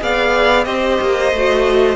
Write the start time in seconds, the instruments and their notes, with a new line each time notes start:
0.00 cello B3, viola G#4, violin D5 F5
0.65 cello C4, viola G4, violin C5 D#5
1.02 cello A#3
1.33 cello A3, viola F#4